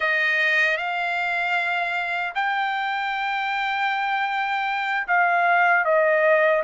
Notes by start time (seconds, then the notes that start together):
0.00 D#5
0.77 F5
2.34 G5
5.07 F5
5.84 D#5